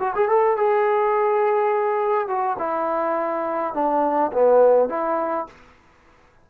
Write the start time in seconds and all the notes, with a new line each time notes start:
0.00 F#4
0.15 G#4
0.29 A4
0.58 G#4
2.28 F#4
2.59 E4
3.74 D4
4.33 B3
4.89 E4